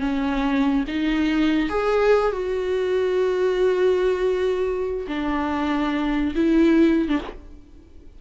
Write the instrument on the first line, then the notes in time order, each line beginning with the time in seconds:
viola
0.00 C#4
0.88 D#4
1.69 G#4
2.32 F#4
5.08 D4
6.35 E4
7.09 D4